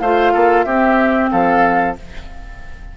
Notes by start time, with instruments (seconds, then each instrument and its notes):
0.00 bassoon A3, clarinet F4, oboe C5, flute F5
0.33 bassoon A#3, oboe A4
0.63 bassoon C4, clarinet C4, oboe G4, flute E5
1.31 bassoon F3, oboe A4, flute F5